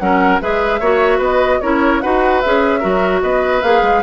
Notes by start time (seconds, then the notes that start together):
0.00 F#3 C#4 A#4 F#5
0.41 G#3 G#4 B4 E5
0.80 A#3 F#4 C#5
1.18 B3 B4 D#5
1.61 C#4 E4 A#4 C#5
2.01 D#4 F#4 B4 F#5
2.42 C#4 G#4 E5
2.80 F#3 F#4 A#4
3.22 B3 B4 D#5
3.63 A#3 G#4 F5
3.83 G#3